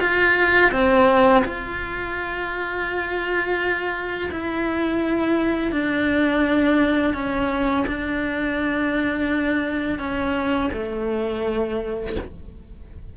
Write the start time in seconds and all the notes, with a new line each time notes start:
0.00 F4
0.72 C4
1.44 F4
4.31 E4
5.71 D4
7.14 C#4
7.87 D4
9.99 C#4
10.73 A3